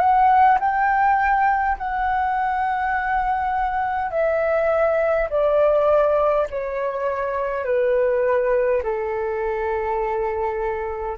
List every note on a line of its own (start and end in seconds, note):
0.00 0.59 F#5
0.60 1.78 G5
1.78 4.11 F#5
4.11 5.29 E5
5.30 6.48 D5
6.50 7.65 C#5
7.65 8.82 B4
8.83 11.18 A4